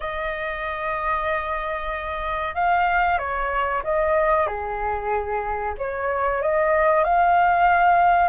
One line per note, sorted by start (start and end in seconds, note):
0.00 2.54 D#5
2.54 3.18 F5
3.18 3.82 C#5
3.83 4.47 D#5
4.47 5.74 G#4
5.78 6.41 C#5
6.42 7.04 D#5
7.04 8.29 F5